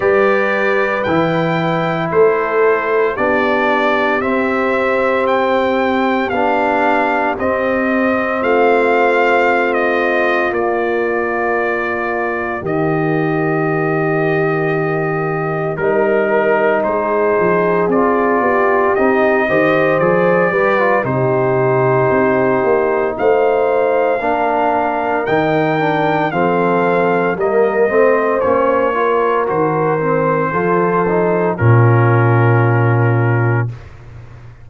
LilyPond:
<<
  \new Staff \with { instrumentName = "trumpet" } { \time 4/4 \tempo 4 = 57 d''4 g''4 c''4 d''4 | e''4 g''4 f''4 dis''4 | f''4~ f''16 dis''8. d''2 | dis''2. ais'4 |
c''4 d''4 dis''4 d''4 | c''2 f''2 | g''4 f''4 dis''4 cis''4 | c''2 ais'2 | }
  \new Staff \with { instrumentName = "horn" } { \time 4/4 b'2 a'4 g'4~ | g'1 | f'1 | g'2. ais'4 |
gis'4. g'4 c''4 b'8 | g'2 c''4 ais'4~ | ais'4 a'4 ais'8 c''4 ais'8~ | ais'4 a'4 f'2 | }
  \new Staff \with { instrumentName = "trombone" } { \time 4/4 g'4 e'2 d'4 | c'2 d'4 c'4~ | c'2 ais2~ | ais2. dis'4~ |
dis'4 f'4 dis'8 g'8 gis'8 g'16 f'16 | dis'2. d'4 | dis'8 d'8 c'4 ais8 c'8 cis'8 f'8 | fis'8 c'8 f'8 dis'8 cis'2 | }
  \new Staff \with { instrumentName = "tuba" } { \time 4/4 g4 e4 a4 b4 | c'2 b4 c'4 | a2 ais2 | dis2. g4 |
gis8 f8 c'8 b8 c'8 dis8 f8 g8 | c4 c'8 ais8 a4 ais4 | dis4 f4 g8 a8 ais4 | dis4 f4 ais,2 | }
>>